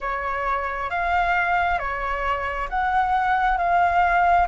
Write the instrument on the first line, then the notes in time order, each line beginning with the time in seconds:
flute
0.00 C#5
0.90 F5
1.79 C#5
2.69 F#5
3.57 F5